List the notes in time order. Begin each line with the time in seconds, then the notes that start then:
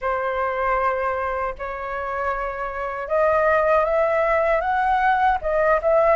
0.01 C5
1.58 C#5
3.08 D#5
3.84 E5
4.60 F#5
5.41 D#5
5.81 E5